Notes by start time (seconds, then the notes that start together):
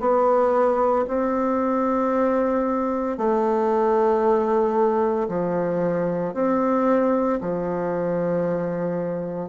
0.00 B3
1.08 C4
3.18 A3
5.29 F3
6.34 C4
7.41 F3